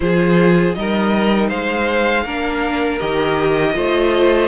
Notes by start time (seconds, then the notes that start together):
0.00 F3 F4 G#4 C5
0.74 G3 D#4 A#4 D#5
1.48 G#3 C5 F5
2.25 A#3 D4 A#4
2.98 D#3 G4 D#5
3.73 A3 F4 C5